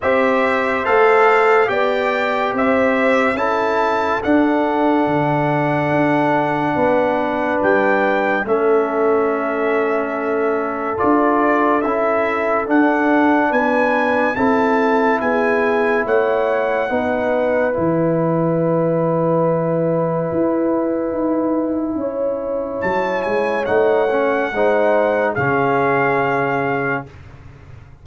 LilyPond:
<<
  \new Staff \with { instrumentName = "trumpet" } { \time 4/4 \tempo 4 = 71 e''4 f''4 g''4 e''4 | a''4 fis''2.~ | fis''4 g''4 e''2~ | e''4 d''4 e''4 fis''4 |
gis''4 a''4 gis''4 fis''4~ | fis''4 gis''2.~ | gis''2. a''8 gis''8 | fis''2 f''2 | }
  \new Staff \with { instrumentName = "horn" } { \time 4/4 c''2 d''4 c''4 | a'1 | b'2 a'2~ | a'1 |
b'4 a'4 gis'4 cis''4 | b'1~ | b'2 cis''2~ | cis''4 c''4 gis'2 | }
  \new Staff \with { instrumentName = "trombone" } { \time 4/4 g'4 a'4 g'2 | e'4 d'2.~ | d'2 cis'2~ | cis'4 f'4 e'4 d'4~ |
d'4 e'2. | dis'4 e'2.~ | e'1 | dis'8 cis'8 dis'4 cis'2 | }
  \new Staff \with { instrumentName = "tuba" } { \time 4/4 c'4 a4 b4 c'4 | cis'4 d'4 d4 d'4 | b4 g4 a2~ | a4 d'4 cis'4 d'4 |
b4 c'4 b4 a4 | b4 e2. | e'4 dis'4 cis'4 fis8 gis8 | a4 gis4 cis2 | }
>>